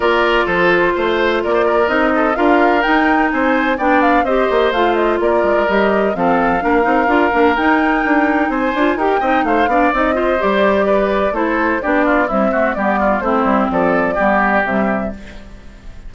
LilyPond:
<<
  \new Staff \with { instrumentName = "flute" } { \time 4/4 \tempo 4 = 127 d''4 c''2 d''4 | dis''4 f''4 g''4 gis''4 | g''8 f''8 dis''4 f''8 dis''8 d''4 | dis''4 f''2. |
g''2 gis''4 g''4 | f''4 dis''4 d''2 | c''4 d''4 e''4 d''4 | c''4 d''2 e''4 | }
  \new Staff \with { instrumentName = "oboe" } { \time 4/4 ais'4 a'4 c''4 ais'16 c''16 ais'8~ | ais'8 a'8 ais'2 c''4 | d''4 c''2 ais'4~ | ais'4 a'4 ais'2~ |
ais'2 c''4 ais'8 dis''8 | c''8 d''4 c''4. b'4 | a'4 g'8 f'8 e'8 fis'8 g'8 f'8 | e'4 a'4 g'2 | }
  \new Staff \with { instrumentName = "clarinet" } { \time 4/4 f'1 | dis'4 f'4 dis'2 | d'4 g'4 f'2 | g'4 c'4 d'8 dis'8 f'8 d'8 |
dis'2~ dis'8 f'8 g'8 dis'8~ | dis'8 d'8 dis'8 f'8 g'2 | e'4 d'4 g8 a8 b4 | c'2 b4 g4 | }
  \new Staff \with { instrumentName = "bassoon" } { \time 4/4 ais4 f4 a4 ais4 | c'4 d'4 dis'4 c'4 | b4 c'8 ais8 a4 ais8 gis8 | g4 f4 ais8 c'8 d'8 ais8 |
dis'4 d'4 c'8 d'8 dis'8 c'8 | a8 b8 c'4 g2 | a4 b4 c'4 g4 | a8 g8 f4 g4 c4 | }
>>